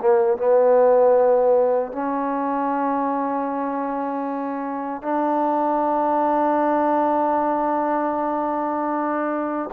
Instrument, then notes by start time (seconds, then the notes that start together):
trombone
0.00 A#3
0.38 B3
1.93 C#4
5.02 D4